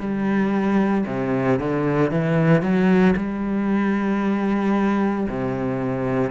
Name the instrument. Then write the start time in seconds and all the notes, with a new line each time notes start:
cello
0.00 G3
1.07 C3
1.59 D3
2.11 E3
2.62 F#3
3.17 G3
5.29 C3